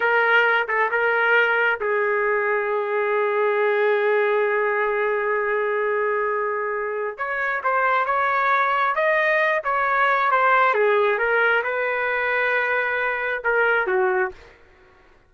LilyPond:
\new Staff \with { instrumentName = "trumpet" } { \time 4/4 \tempo 4 = 134 ais'4. a'8 ais'2 | gis'1~ | gis'1~ | gis'1 |
cis''4 c''4 cis''2 | dis''4. cis''4. c''4 | gis'4 ais'4 b'2~ | b'2 ais'4 fis'4 | }